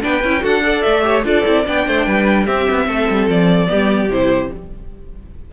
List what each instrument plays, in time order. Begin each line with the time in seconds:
0.00 cello B3, viola D4, violin B4 G5
0.23 cello C#4, viola E4
0.39 cello D4, viola F#4, violin A4 F#5
0.63 viola A4, violin D5
0.81 cello A3, violin E5
1.02 viola G4, violin C#5
1.24 cello D4, viola F4, violin A4 D5
1.45 cello C4, viola E4
1.65 cello B3, viola D4, violin D5 G5
1.86 cello A3, violin C5
2.06 cello G3, violin B4
2.44 cello C4, viola C4, violin G4 E5
2.70 cello B3
2.87 cello A3, violin A4
3.09 cello G3
3.27 cello F3, violin D5
3.66 viola B3, violin G4
3.72 cello G3
4.08 cello C3, viola E4, violin C5